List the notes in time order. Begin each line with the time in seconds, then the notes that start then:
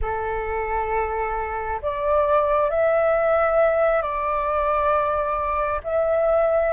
0.01 A4
1.82 D5
2.70 E5
4.01 D5
5.83 E5